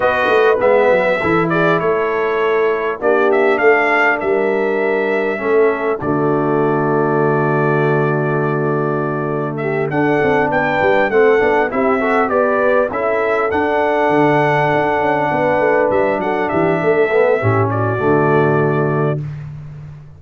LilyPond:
<<
  \new Staff \with { instrumentName = "trumpet" } { \time 4/4 \tempo 4 = 100 dis''4 e''4. d''8 cis''4~ | cis''4 d''8 e''8 f''4 e''4~ | e''2 d''2~ | d''1 |
e''8 fis''4 g''4 fis''4 e''8~ | e''8 d''4 e''4 fis''4.~ | fis''2~ fis''8 e''8 fis''8 e''8~ | e''4. d''2~ d''8 | }
  \new Staff \with { instrumentName = "horn" } { \time 4/4 b'2 a'8 gis'8 a'4~ | a'4 g'4 a'4 ais'4~ | ais'4 a'4 fis'2~ | fis'1 |
g'8 a'4 b'4 a'4 g'8 | a'8 b'4 a'2~ a'8~ | a'4. b'4. a'8 g'8 | a'4 g'8 fis'2~ fis'8 | }
  \new Staff \with { instrumentName = "trombone" } { \time 4/4 fis'4 b4 e'2~ | e'4 d'2.~ | d'4 cis'4 a2~ | a1~ |
a8 d'2 c'8 d'8 e'8 | fis'8 g'4 e'4 d'4.~ | d'1~ | d'8 b8 cis'4 a2 | }
  \new Staff \with { instrumentName = "tuba" } { \time 4/4 b8 a8 gis8 fis8 e4 a4~ | a4 ais4 a4 g4~ | g4 a4 d2~ | d1~ |
d8 d'8 c'8 b8 g8 a8 b8 c'8~ | c'8 b4 cis'4 d'4 d8~ | d8 d'8 cis'8 b8 a8 g8 fis8 e8 | a4 a,4 d2 | }
>>